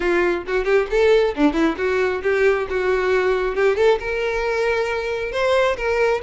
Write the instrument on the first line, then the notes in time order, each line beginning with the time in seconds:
violin
0.00 F4
0.47 F#4
0.64 G4
0.90 A4
1.35 D4
1.53 E4
1.77 F#4
2.22 G4
2.69 F#4
3.55 G4
3.76 A4
3.99 A#4
5.32 C5
5.77 A#4